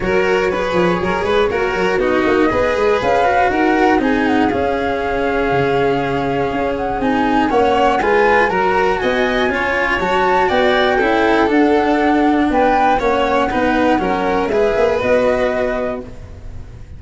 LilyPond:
<<
  \new Staff \with { instrumentName = "flute" } { \time 4/4 \tempo 4 = 120 cis''1 | dis''2 f''4 fis''4 | gis''8 fis''8 f''2.~ | f''4. fis''8 gis''4 fis''4 |
gis''4 ais''4 gis''2 | a''4 g''2 fis''4~ | fis''4 g''4 fis''2~ | fis''4 e''4 dis''2 | }
  \new Staff \with { instrumentName = "violin" } { \time 4/4 ais'4 b'4 ais'8 b'8 ais'4 | fis'4 b'2 ais'4 | gis'1~ | gis'2. cis''4 |
b'4 ais'4 dis''4 cis''4~ | cis''4 d''4 a'2~ | a'4 b'4 cis''4 b'4 | ais'4 b'2. | }
  \new Staff \with { instrumentName = "cello" } { \time 4/4 fis'4 gis'2 fis'4 | dis'4 gis'4. fis'4. | dis'4 cis'2.~ | cis'2 dis'4 cis'4 |
f'4 fis'2 f'4 | fis'2 e'4 d'4~ | d'2 cis'4 dis'4 | cis'4 gis'4 fis'2 | }
  \new Staff \with { instrumentName = "tuba" } { \time 4/4 fis4. f8 fis8 gis8 ais8 fis8 | b8 ais8 b8 gis8 cis'4 dis'4 | c'4 cis'2 cis4~ | cis4 cis'4 c'4 ais4 |
gis4 fis4 b4 cis'4 | fis4 b4 cis'4 d'4~ | d'4 b4 ais4 b4 | fis4 gis8 ais8 b2 | }
>>